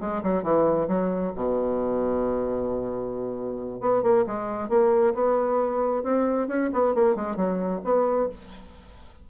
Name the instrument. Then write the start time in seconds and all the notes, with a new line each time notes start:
bassoon
0.00 G#3
0.23 F#3
0.43 E3
0.88 F#3
1.35 B2
3.80 B3
4.02 A#3
4.27 G#3
4.69 A#3
5.14 B3
6.03 C4
6.48 C#4
6.73 B3
6.94 A#3
7.15 G#3
7.36 F#3
7.84 B3